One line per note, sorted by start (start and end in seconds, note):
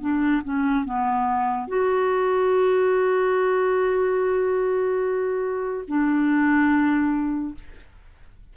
0.00 0.42 D4
0.44 0.84 C#4
0.84 1.67 B3
1.67 5.84 F#4
5.87 7.54 D4